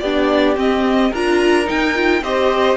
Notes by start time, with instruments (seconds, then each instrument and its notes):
0.00 cello B3, viola D4, violin G4 D5
0.56 viola C4, cello C4, violin D#5
1.11 cello D4, viola F4, violin A#4 A#5
1.66 viola D#4, cello D#4, violin G5
1.95 viola F4
2.22 cello C4, viola G4, violin C5 D#5